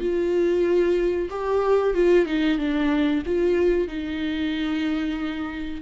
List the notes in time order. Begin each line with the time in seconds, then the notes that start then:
0.00 F4
1.30 G4
1.94 F4
2.26 D#4
2.58 D4
3.26 F4
3.88 D#4